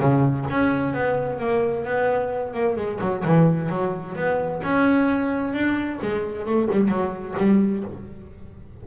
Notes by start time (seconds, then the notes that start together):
0.00 C#3
0.50 C#4
0.94 B3
1.40 A#3
1.85 B3
2.54 A#3
2.77 G#3
3.01 F#3
3.25 E3
3.69 F#3
4.16 B3
4.63 C#4
5.54 D4
6.02 G#3
6.46 A3
6.71 G3
6.89 F#3
7.38 G3